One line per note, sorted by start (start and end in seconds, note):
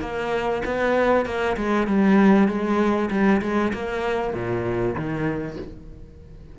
0.00 0.62 A#3
0.65 1.25 B3
1.25 1.56 A#3
1.57 1.87 G#3
1.87 2.48 G3
2.48 3.10 G#3
3.10 3.41 G3
3.41 3.72 G#3
3.73 4.33 A#3
4.33 4.95 A#2
4.95 5.57 D#3